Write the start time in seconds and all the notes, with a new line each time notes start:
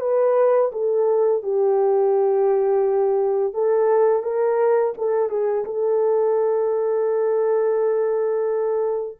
0.00 B4
0.72 A4
1.43 G4
3.53 A4
4.23 A#4
4.97 A4
5.29 G#4
5.64 A4